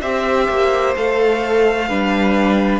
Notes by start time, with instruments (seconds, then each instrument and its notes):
0.00 cello C4, viola G4, violin C5 E5
0.48 cello A#3
0.96 cello A3, viola A4, violin F5
1.88 cello G3, viola D4, violin B4